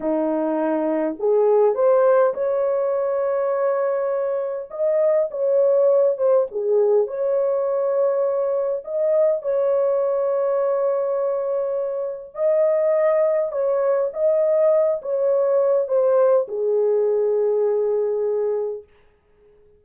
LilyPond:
\new Staff \with { instrumentName = "horn" } { \time 4/4 \tempo 4 = 102 dis'2 gis'4 c''4 | cis''1 | dis''4 cis''4. c''8 gis'4 | cis''2. dis''4 |
cis''1~ | cis''4 dis''2 cis''4 | dis''4. cis''4. c''4 | gis'1 | }